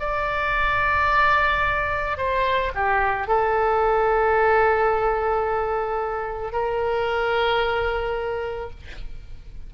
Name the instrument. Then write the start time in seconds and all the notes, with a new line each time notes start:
oboe
0.00 D5
2.18 C5
2.75 G4
3.28 A4
6.53 A#4